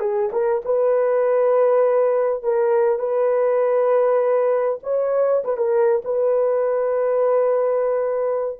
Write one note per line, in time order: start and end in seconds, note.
0.00 0.30 G#4
0.32 0.62 A#4
0.65 2.43 B4
2.43 2.99 A#4
2.99 4.79 B4
4.83 5.43 C#5
5.44 5.57 B4
5.57 6.02 A#4
6.05 8.60 B4